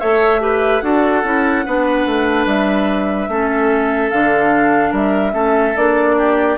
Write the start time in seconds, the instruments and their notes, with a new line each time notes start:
0.00 bassoon A3, clarinet A4, oboe C#5, flute E5
0.40 clarinet G4, oboe B4
0.81 bassoon D4, clarinet F#4, oboe A4, flute F#5
1.24 bassoon C#4, clarinet E4
1.66 bassoon B3, clarinet D4, oboe B4
2.06 bassoon A3
2.46 bassoon G3, flute E5
3.29 bassoon A3, clarinet C#4, oboe A4
4.10 bassoon D3, clarinet D4, flute F5
4.91 bassoon G3, oboe A#4, flute E5
5.32 bassoon A3, clarinet C#4, oboe A4
5.76 bassoon A#3, clarinet D4, flute D5
6.18 oboe G4